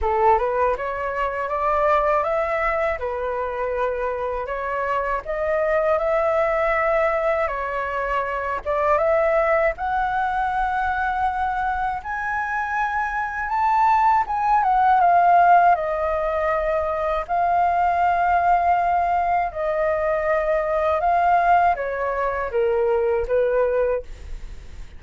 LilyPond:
\new Staff \with { instrumentName = "flute" } { \time 4/4 \tempo 4 = 80 a'8 b'8 cis''4 d''4 e''4 | b'2 cis''4 dis''4 | e''2 cis''4. d''8 | e''4 fis''2. |
gis''2 a''4 gis''8 fis''8 | f''4 dis''2 f''4~ | f''2 dis''2 | f''4 cis''4 ais'4 b'4 | }